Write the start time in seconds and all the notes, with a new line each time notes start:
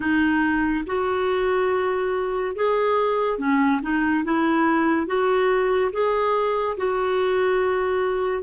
0.00 D#4
0.86 F#4
2.55 G#4
3.38 C#4
3.82 D#4
4.24 E4
5.06 F#4
5.92 G#4
6.77 F#4